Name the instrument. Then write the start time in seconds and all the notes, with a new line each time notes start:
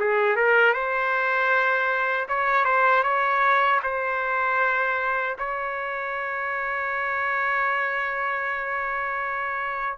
trumpet
0.00 G#4
0.36 A#4
0.74 C5
2.29 C#5
2.65 C5
3.04 C#5
3.84 C5
5.39 C#5